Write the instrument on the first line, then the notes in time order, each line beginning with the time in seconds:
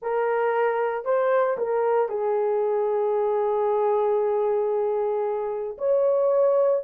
horn
0.02 A#4
1.04 C5
1.57 A#4
2.08 G#4
5.78 C#5